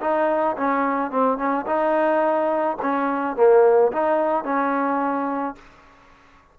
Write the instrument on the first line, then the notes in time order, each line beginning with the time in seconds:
trombone
0.00 D#4
0.57 C#4
1.11 C4
1.37 C#4
1.66 D#4
2.82 C#4
3.36 A#3
3.92 D#4
4.44 C#4